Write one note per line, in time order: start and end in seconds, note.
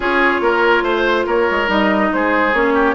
0.00 0.40 C#4
0.00 1.67 F4
0.00 0.41 G#4
0.00 0.84 C#5
0.40 0.82 A#3
0.40 0.83 A#4
0.82 1.24 A3
0.82 1.25 C5
0.82 1.26 C5
1.26 1.48 A#3
1.26 2.10 A#4
1.26 1.71 C#5
1.50 1.68 G#3
1.67 2.10 G3
1.67 2.51 D#4
1.67 2.13 D#5
2.13 2.53 G#3
2.13 2.73 G#4
2.13 2.53 C5
2.53 2.94 A#3
2.53 2.94 C#4
2.53 2.94 C#5
2.73 2.94 G4